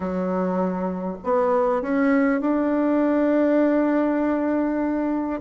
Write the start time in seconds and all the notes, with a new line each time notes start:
0.00 F#3
1.24 B3
1.82 C#4
2.41 D4